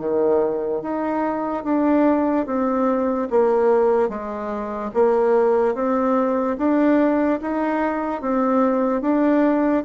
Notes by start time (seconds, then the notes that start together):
0.00 D#3
0.82 D#4
1.64 D4
2.47 C4
3.31 A#3
4.09 G#3
4.94 A#3
5.75 C4
6.58 D4
7.42 D#4
8.22 C4
9.02 D4